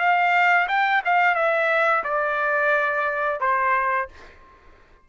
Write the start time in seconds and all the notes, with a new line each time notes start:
0.00 F5
0.69 G5
1.05 F5
1.35 E5
2.04 D5
3.41 C5